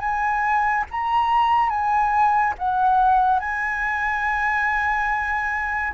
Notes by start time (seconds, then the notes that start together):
0.00 G#5
0.91 A#5
1.70 G#5
2.59 F#5
3.40 G#5